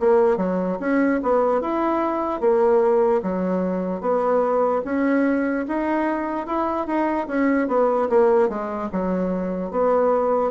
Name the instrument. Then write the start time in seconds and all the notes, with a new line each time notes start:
bassoon
0.00 A#3
0.37 F#3
0.80 C#4
1.23 B3
1.61 E4
2.41 A#3
3.23 F#3
4.01 B3
4.85 C#4
5.68 D#4
6.47 E4
6.87 D#4
7.28 C#4
7.68 B3
8.10 A#3
8.50 G#3
8.93 F#3
9.71 B3